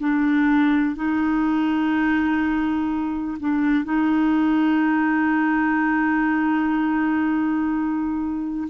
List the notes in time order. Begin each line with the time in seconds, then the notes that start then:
0.00 D4
0.95 D#4
3.40 D4
3.84 D#4